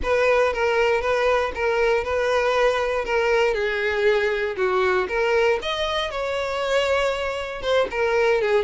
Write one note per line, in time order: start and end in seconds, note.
0.02 0.53 B4
0.53 1.01 A#4
1.01 1.52 B4
1.54 2.04 A#4
2.04 3.05 B4
3.05 3.54 A#4
3.54 4.55 G#4
4.56 5.07 F#4
5.08 5.59 A#4
5.62 6.10 D#5
6.10 7.62 C#5
7.62 7.87 C5
7.91 8.41 A#4
8.41 8.64 G#4